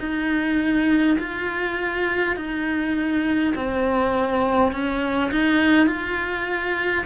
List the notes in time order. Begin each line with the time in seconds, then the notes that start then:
0.00 D#4
1.19 F4
2.36 D#4
3.56 C4
4.72 C#4
5.32 D#4
5.87 F4